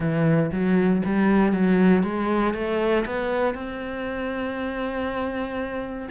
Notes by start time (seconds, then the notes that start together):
0.00 E3
0.51 F#3
1.05 G3
1.53 F#3
2.03 G#3
2.54 A3
3.05 B3
3.54 C4